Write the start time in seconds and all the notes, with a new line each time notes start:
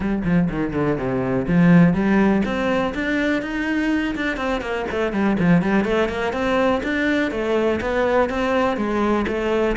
0.00 G3
0.24 F3
0.49 D#3
0.73 D3
0.97 C3
1.47 F3
1.93 G3
2.45 C4
2.94 D4
3.41 D#4
4.15 D4
4.37 C4
4.61 A#3
4.90 A3
5.12 G3
5.39 F3
5.61 G3
5.84 A3
6.08 A#3
6.32 C4
6.83 D4
7.31 A3
7.80 B3
8.29 C4
8.76 G#3
9.27 A3